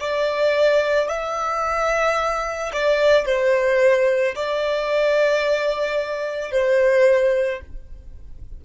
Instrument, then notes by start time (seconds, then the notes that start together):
violin
0.00 D5
1.09 E5
2.73 D5
3.25 C5
4.35 D5
6.51 C5